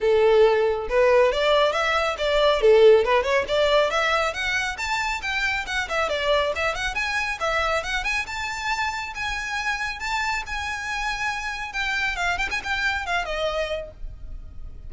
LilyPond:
\new Staff \with { instrumentName = "violin" } { \time 4/4 \tempo 4 = 138 a'2 b'4 d''4 | e''4 d''4 a'4 b'8 cis''8 | d''4 e''4 fis''4 a''4 | g''4 fis''8 e''8 d''4 e''8 fis''8 |
gis''4 e''4 fis''8 gis''8 a''4~ | a''4 gis''2 a''4 | gis''2. g''4 | f''8 g''16 gis''16 g''4 f''8 dis''4. | }